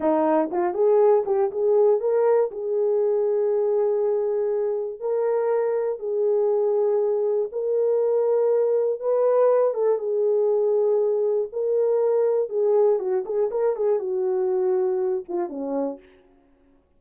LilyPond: \new Staff \with { instrumentName = "horn" } { \time 4/4 \tempo 4 = 120 dis'4 f'8 gis'4 g'8 gis'4 | ais'4 gis'2.~ | gis'2 ais'2 | gis'2. ais'4~ |
ais'2 b'4. a'8 | gis'2. ais'4~ | ais'4 gis'4 fis'8 gis'8 ais'8 gis'8 | fis'2~ fis'8 f'8 cis'4 | }